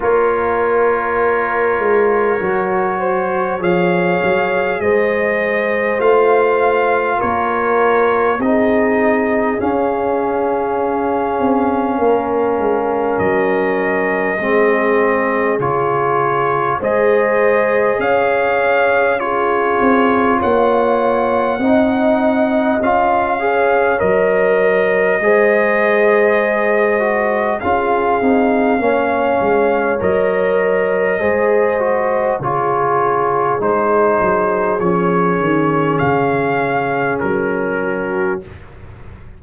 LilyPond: <<
  \new Staff \with { instrumentName = "trumpet" } { \time 4/4 \tempo 4 = 50 cis''2. f''4 | dis''4 f''4 cis''4 dis''4 | f''2. dis''4~ | dis''4 cis''4 dis''4 f''4 |
cis''4 fis''2 f''4 | dis''2. f''4~ | f''4 dis''2 cis''4 | c''4 cis''4 f''4 ais'4 | }
  \new Staff \with { instrumentName = "horn" } { \time 4/4 ais'2~ ais'8 c''8 cis''4 | c''2 ais'4 gis'4~ | gis'2 ais'2 | gis'2 c''4 cis''4 |
gis'4 cis''4 dis''4. cis''8~ | cis''4 c''2 gis'4 | cis''2 c''4 gis'4~ | gis'2.~ gis'8 fis'8 | }
  \new Staff \with { instrumentName = "trombone" } { \time 4/4 f'2 fis'4 gis'4~ | gis'4 f'2 dis'4 | cis'1 | c'4 f'4 gis'2 |
f'2 dis'4 f'8 gis'8 | ais'4 gis'4. fis'8 f'8 dis'8 | cis'4 ais'4 gis'8 fis'8 f'4 | dis'4 cis'2. | }
  \new Staff \with { instrumentName = "tuba" } { \time 4/4 ais4. gis8 fis4 f8 fis8 | gis4 a4 ais4 c'4 | cis'4. c'8 ais8 gis8 fis4 | gis4 cis4 gis4 cis'4~ |
cis'8 c'8 ais4 c'4 cis'4 | fis4 gis2 cis'8 c'8 | ais8 gis8 fis4 gis4 cis4 | gis8 fis8 f8 dis8 cis4 fis4 | }
>>